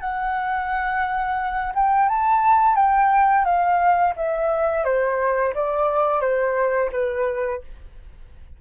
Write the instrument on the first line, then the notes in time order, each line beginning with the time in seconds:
flute
0.00 F#5
1.75 G5
2.08 A5
2.75 G5
3.44 F5
4.16 E5
4.84 C5
5.54 D5
6.21 C5
6.92 B4